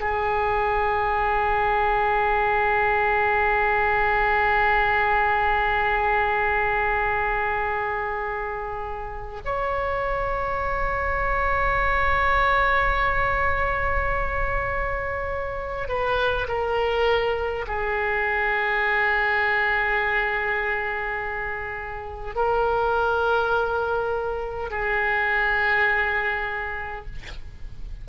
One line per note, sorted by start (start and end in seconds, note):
0.00 9.41 G#4
9.45 15.88 C#5
15.88 16.47 B4
16.48 17.66 A#4
17.67 22.35 G#4
22.35 24.70 A#4
24.70 27.05 G#4